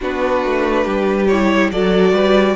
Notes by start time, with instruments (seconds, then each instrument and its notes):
0.00 cello B3, viola D4, violin F#4 B4
0.45 cello A3
0.84 cello G3, violin G4
1.27 viola E4, violin C#5
1.71 cello F#3, viola F#4, violin A4 D5
2.11 cello G3, violin B4